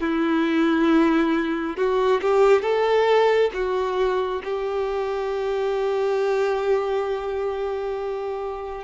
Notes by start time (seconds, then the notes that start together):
0.00 E4
1.76 F#4
2.21 G4
2.61 A4
3.53 F#4
4.44 G4